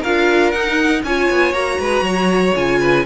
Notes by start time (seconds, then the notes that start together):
0.00 D4 F4 A#4 F5
0.51 D#4 F#5
1.03 C#4 F4 C#5 G#5
1.30 B3
1.53 A#3 F#4 A#5
1.79 G#3 B4
2.01 F#3 C#5
2.55 C#3 F4 G#5
2.79 B4